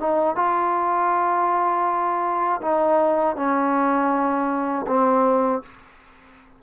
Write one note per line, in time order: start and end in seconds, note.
0.00 0.36 D#4
0.36 2.61 F4
2.62 3.36 D#4
3.36 4.86 C#4
4.88 5.63 C4